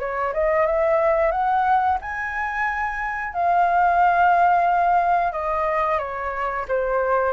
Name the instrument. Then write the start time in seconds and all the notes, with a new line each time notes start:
flute
0.00 C#5
0.34 D#5
0.67 E5
1.32 F#5
2.02 G#5
3.34 F5
5.33 D#5
5.99 C#5
6.68 C5